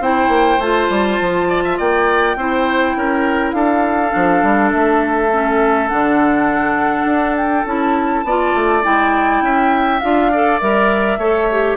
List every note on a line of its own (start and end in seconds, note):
0.00 0.28 C4
0.00 0.60 E4
0.00 1.48 C5
0.00 0.61 G5
0.28 0.58 A#3
0.58 0.88 A3
0.58 2.38 F4
0.58 1.79 A5
0.89 1.19 G3
1.20 1.79 F3
1.48 1.63 D5
1.64 1.77 E5
1.77 2.36 A#3
1.77 2.36 D5
1.77 3.51 G5
2.36 2.95 C4
2.36 4.10 E4
2.36 2.96 C5
2.96 3.53 C#4
2.96 3.55 A#4
3.51 4.12 D4
3.51 8.25 A4
3.51 4.69 F5
4.10 4.43 F3
4.10 5.27 D4
4.43 4.72 G3
4.71 5.92 A3
4.71 5.88 E5
5.32 5.89 C#4
5.88 7.05 D3
5.88 7.65 D4
5.88 7.35 F#5
7.05 7.64 D4
7.36 7.65 G5
7.66 8.24 C#4
7.66 8.25 E4
7.66 8.84 A5
8.24 8.53 B3
8.24 8.83 F4
8.24 9.44 D5
8.54 8.83 A3
8.83 9.41 G#3
8.83 10.00 E4
8.83 10.00 G5
9.41 10.00 C#4
9.41 10.32 E5
10.00 10.61 D4
10.00 10.32 F4
10.00 10.59 F5
10.32 10.60 A4
10.32 11.19 D5
10.60 11.17 G3
10.60 11.19 A#4
10.60 11.77 E5
11.17 11.76 A3
11.17 11.50 A4
11.17 11.77 C#5
11.51 11.77 G4